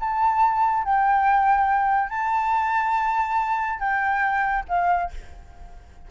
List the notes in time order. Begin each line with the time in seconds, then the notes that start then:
0.00 A5
0.84 G5
2.09 A5
3.79 G5
4.68 F5